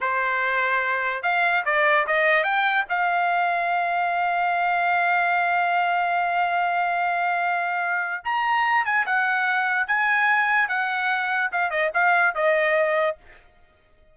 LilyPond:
\new Staff \with { instrumentName = "trumpet" } { \time 4/4 \tempo 4 = 146 c''2. f''4 | d''4 dis''4 g''4 f''4~ | f''1~ | f''1~ |
f''1 | ais''4. gis''8 fis''2 | gis''2 fis''2 | f''8 dis''8 f''4 dis''2 | }